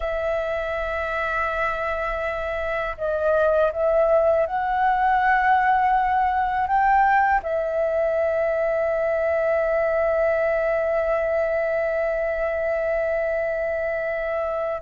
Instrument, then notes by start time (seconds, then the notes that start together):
flute
0.00 E5
2.97 D#5
3.72 E5
4.46 F#5
6.67 G5
7.42 E5